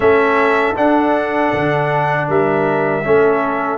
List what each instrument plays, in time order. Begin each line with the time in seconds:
0.00 tuba A3, trombone C#4, horn A4, trumpet E5
0.75 trombone D4, tuba D4, trumpet F#5
1.53 tuba D3
2.28 tuba G3, horn A#4, trumpet E5
3.04 tuba A3, trombone C#4, horn A4